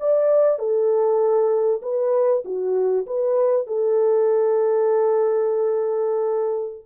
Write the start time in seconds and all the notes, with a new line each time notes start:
0.00 D5
0.59 A4
1.82 B4
2.45 F#4
3.07 B4
3.67 A4